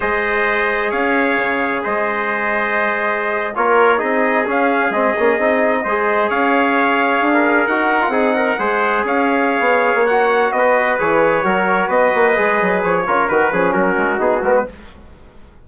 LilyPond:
<<
  \new Staff \with { instrumentName = "trumpet" } { \time 4/4 \tempo 4 = 131 dis''2 f''2 | dis''2.~ dis''8. cis''16~ | cis''8. dis''4 f''4 dis''4~ dis''16~ | dis''4.~ dis''16 f''2~ f''16~ |
f''8. fis''2. f''16~ | f''2 fis''4 dis''4 | cis''2 dis''2 | cis''4 b'4 ais'4 gis'8 ais'16 b'16 | }
  \new Staff \with { instrumentName = "trumpet" } { \time 4/4 c''2 cis''2 | c''2.~ c''8. ais'16~ | ais'8. gis'2.~ gis'16~ | gis'8. c''4 cis''2~ cis''16 |
ais'4.~ ais'16 gis'8 ais'8 c''4 cis''16~ | cis''2. b'4~ | b'4 ais'4 b'2~ | b'8 ais'4 gis'8 fis'2 | }
  \new Staff \with { instrumentName = "trombone" } { \time 4/4 gis'1~ | gis'2.~ gis'8. f'16~ | f'8. dis'4 cis'4 c'8 cis'8 dis'16~ | dis'8. gis'2.~ gis'16~ |
gis'8. fis'8. f'16 dis'4 gis'4~ gis'16~ | gis'2 fis'2 | gis'4 fis'2 gis'4~ | gis'8 f'8 fis'8 cis'4. dis'8 b8 | }
  \new Staff \with { instrumentName = "bassoon" } { \time 4/4 gis2 cis'4 cis4 | gis2.~ gis8. ais16~ | ais8. c'4 cis'4 gis8 ais8 c'16~ | c'8. gis4 cis'2 d'16~ |
d'8. dis'4 c'4 gis4 cis'16~ | cis'4 b8. ais4~ ais16 b4 | e4 fis4 b8 ais8 gis8 fis8 | f8 cis8 dis8 f8 fis8 gis8 b8 gis8 | }
>>